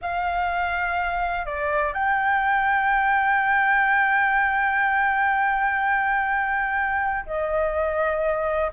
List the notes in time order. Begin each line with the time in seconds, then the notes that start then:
0.01 F5
1.45 D5
1.93 G5
7.26 D#5